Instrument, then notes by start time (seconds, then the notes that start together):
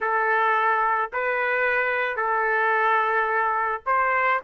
trumpet
0.00 A4
1.12 B4
2.16 A4
3.86 C5